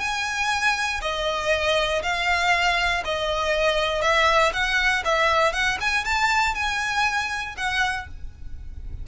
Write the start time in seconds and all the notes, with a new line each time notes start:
0.00 G#5
1.01 D#5
2.03 F5
3.05 D#5
4.02 E5
4.53 F#5
5.05 E5
5.53 F#5
5.81 G#5
6.05 A5
6.55 G#5
7.57 F#5